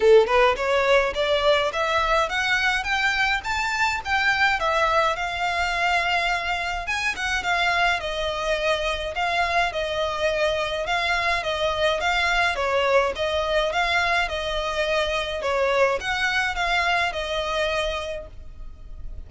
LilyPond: \new Staff \with { instrumentName = "violin" } { \time 4/4 \tempo 4 = 105 a'8 b'8 cis''4 d''4 e''4 | fis''4 g''4 a''4 g''4 | e''4 f''2. | gis''8 fis''8 f''4 dis''2 |
f''4 dis''2 f''4 | dis''4 f''4 cis''4 dis''4 | f''4 dis''2 cis''4 | fis''4 f''4 dis''2 | }